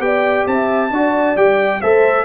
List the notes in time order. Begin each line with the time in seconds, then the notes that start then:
0.00 B3 G4 D5 G5
0.47 C4 E5 A5
0.91 D4 F#4 D5
1.37 G3 G4 G5
1.81 A3 A4 C5 E5